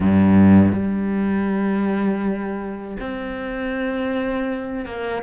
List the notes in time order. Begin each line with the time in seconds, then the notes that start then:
0.00 G2
0.72 G3
2.99 C4
4.85 A#3